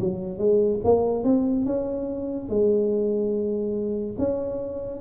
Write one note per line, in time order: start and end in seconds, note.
0.00 0.39 F#3
0.39 0.80 G#3
0.84 1.24 A#3
1.24 1.66 C4
1.66 2.49 C#4
2.49 4.16 G#3
4.18 5.01 C#4